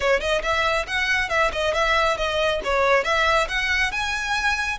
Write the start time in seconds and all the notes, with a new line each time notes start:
0.00 C#5
0.20 D#5
0.42 E5
0.87 F#5
1.29 E5
1.52 D#5
1.74 E5
2.17 D#5
2.64 C#5
3.04 E5
3.48 F#5
3.91 G#5